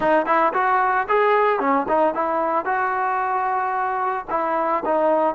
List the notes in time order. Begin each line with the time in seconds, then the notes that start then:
0.00 D#4
0.26 E4
0.53 F#4
1.08 G#4
1.59 C#4
1.88 D#4
2.14 E4
2.65 F#4
4.30 E4
4.85 D#4